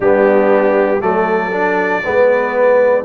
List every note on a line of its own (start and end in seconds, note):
0.00 1.01 G3
0.00 1.00 B3
0.00 0.99 D4
0.00 1.01 G4
1.00 2.03 F#3
1.00 1.51 A3
1.00 2.03 A4
1.00 3.04 D5
1.51 2.02 D4
2.03 3.04 G#3
2.03 3.04 B3
2.03 3.04 B4